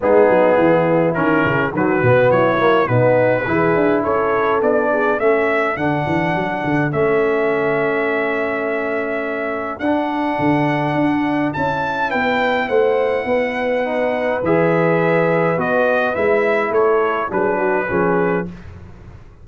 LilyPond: <<
  \new Staff \with { instrumentName = "trumpet" } { \time 4/4 \tempo 4 = 104 gis'2 ais'4 b'4 | cis''4 b'2 cis''4 | d''4 e''4 fis''2 | e''1~ |
e''4 fis''2. | a''4 g''4 fis''2~ | fis''4 e''2 dis''4 | e''4 cis''4 b'2 | }
  \new Staff \with { instrumentName = "horn" } { \time 4/4 dis'4 e'2 fis'4 | e'4 dis'4 gis'4 a'4~ | a'8 gis'8 a'2.~ | a'1~ |
a'1~ | a'4 b'4 c''4 b'4~ | b'1~ | b'4 a'4 gis'8 fis'8 gis'4 | }
  \new Staff \with { instrumentName = "trombone" } { \time 4/4 b2 cis'4 fis8 b8~ | b8 ais8 b4 e'2 | d'4 cis'4 d'2 | cis'1~ |
cis'4 d'2. | e'1 | dis'4 gis'2 fis'4 | e'2 d'4 cis'4 | }
  \new Staff \with { instrumentName = "tuba" } { \time 4/4 gis8 fis8 e4 dis8 cis8 dis8 b,8 | fis4 b,4 e8 d'8 cis'4 | b4 a4 d8 e8 fis8 d8 | a1~ |
a4 d'4 d4 d'4 | cis'4 b4 a4 b4~ | b4 e2 b4 | gis4 a4 fis4 f4 | }
>>